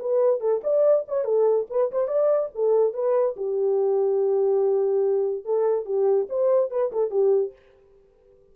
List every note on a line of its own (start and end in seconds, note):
0.00 0.41 B4
0.41 0.62 A4
0.64 1.06 D5
1.08 1.25 C#5
1.25 1.67 A4
1.71 1.91 B4
1.92 2.08 C5
2.08 2.50 D5
2.55 2.94 A4
2.94 3.36 B4
3.37 5.45 G4
5.45 5.86 A4
5.86 6.27 G4
6.30 6.71 C5
6.71 6.92 B4
6.92 7.11 A4
7.11 7.53 G4